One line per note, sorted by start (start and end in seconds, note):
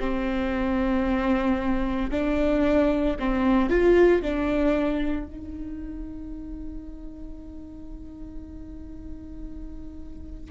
0.00 2.11 C4
2.11 3.17 D4
3.20 3.70 C4
3.70 4.22 F4
4.22 5.27 D4
5.27 10.51 D#4